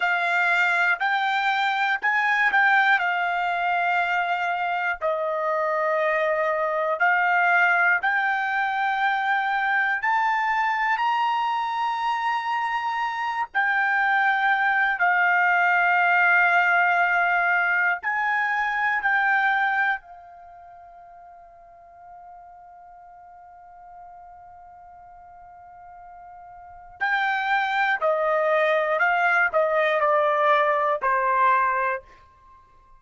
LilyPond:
\new Staff \with { instrumentName = "trumpet" } { \time 4/4 \tempo 4 = 60 f''4 g''4 gis''8 g''8 f''4~ | f''4 dis''2 f''4 | g''2 a''4 ais''4~ | ais''4. g''4. f''4~ |
f''2 gis''4 g''4 | f''1~ | f''2. g''4 | dis''4 f''8 dis''8 d''4 c''4 | }